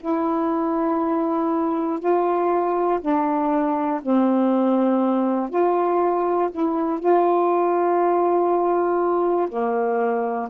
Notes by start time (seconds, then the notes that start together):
0.00 E4
1.99 F4
3.00 D4
4.02 C4
5.50 F4
6.51 E4
6.99 F4
9.48 A#3